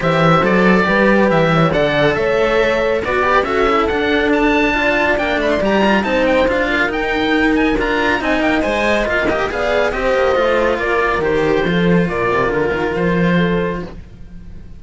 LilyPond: <<
  \new Staff \with { instrumentName = "oboe" } { \time 4/4 \tempo 4 = 139 e''4 d''2 e''4 | fis''4 e''2 d''4 | e''4 fis''4 a''2 | g''8 b''16 c'''16 ais''4 a''8 g''8 f''4 |
g''4. gis''8 ais''4 gis''8 g''8 | gis''4 f''8 dis''8 f''4 dis''4~ | dis''4 d''4 c''2 | d''4 ais'4 c''2 | }
  \new Staff \with { instrumentName = "horn" } { \time 4/4 c''2 b'4. cis''8 | d''4 cis''2 b'4 | a'2. d''4~ | d''2 c''4. ais'8~ |
ais'2. dis''4~ | dis''2 d''4 c''4~ | c''4 ais'2 a'4 | ais'2. a'4 | }
  \new Staff \with { instrumentName = "cello" } { \time 4/4 g'4 a'4 g'2 | a'2. fis'8 g'8 | fis'8 e'8 d'2 f'4 | d'4 g'8 f'8 dis'4 f'4 |
dis'2 f'4 dis'4 | c''4 f'8 g'8 gis'4 g'4 | f'2 g'4 f'4~ | f'1 | }
  \new Staff \with { instrumentName = "cello" } { \time 4/4 e4 fis4 g4 e4 | d4 a2 b4 | cis'4 d'2. | ais8 a8 g4 c'4 d'4 |
dis'2 d'4 c'8 ais8 | gis4 ais4 b4 c'8 ais8 | a4 ais4 dis4 f4 | ais,8 c8 d8 dis8 f2 | }
>>